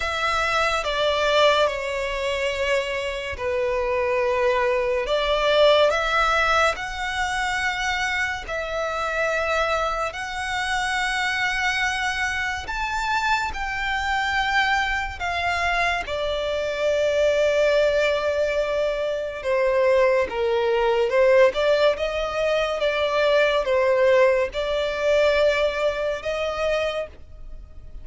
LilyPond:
\new Staff \with { instrumentName = "violin" } { \time 4/4 \tempo 4 = 71 e''4 d''4 cis''2 | b'2 d''4 e''4 | fis''2 e''2 | fis''2. a''4 |
g''2 f''4 d''4~ | d''2. c''4 | ais'4 c''8 d''8 dis''4 d''4 | c''4 d''2 dis''4 | }